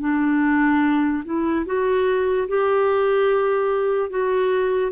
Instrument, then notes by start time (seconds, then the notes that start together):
clarinet
0.00 D4
1.24 E4
1.66 F#4
2.48 G4
4.09 F#4